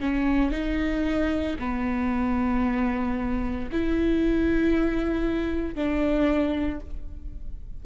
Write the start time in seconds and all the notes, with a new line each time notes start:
0.00 C#4
0.51 D#4
1.59 B3
3.72 E4
5.75 D4